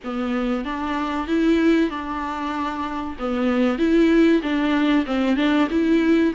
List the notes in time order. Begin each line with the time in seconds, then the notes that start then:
0.04 B3
0.64 D4
1.27 E4
1.89 D4
3.18 B3
3.78 E4
4.42 D4
5.06 C4
5.36 D4
5.70 E4